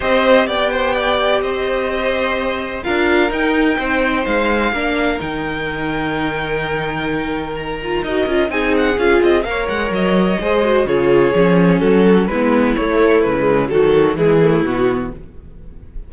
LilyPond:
<<
  \new Staff \with { instrumentName = "violin" } { \time 4/4 \tempo 4 = 127 dis''4 g''2 dis''4~ | dis''2 f''4 g''4~ | g''4 f''2 g''4~ | g''1 |
ais''4 dis''4 gis''8 fis''8 f''8 dis''8 | f''8 fis''8 dis''2 cis''4~ | cis''4 a'4 b'4 cis''4 | b'4 a'4 gis'4 fis'4 | }
  \new Staff \with { instrumentName = "violin" } { \time 4/4 c''4 d''8 c''8 d''4 c''4~ | c''2 ais'2 | c''2 ais'2~ | ais'1~ |
ais'2 gis'2 | cis''2 c''4 gis'4~ | gis'4 fis'4 e'2~ | e'4 fis'4 e'2 | }
  \new Staff \with { instrumentName = "viola" } { \time 4/4 g'1~ | g'2 f'4 dis'4~ | dis'2 d'4 dis'4~ | dis'1~ |
dis'8 f'8 fis'8 f'8 dis'4 f'4 | ais'2 gis'8 fis'8 f'4 | cis'2 b4 a4~ | a16 gis8. fis4 gis8 a8 b4 | }
  \new Staff \with { instrumentName = "cello" } { \time 4/4 c'4 b2 c'4~ | c'2 d'4 dis'4 | c'4 gis4 ais4 dis4~ | dis1~ |
dis4 dis'8 cis'8 c'4 cis'8 c'8 | ais8 gis8 fis4 gis4 cis4 | f4 fis4 gis4 a4 | cis4 dis4 e4 b,4 | }
>>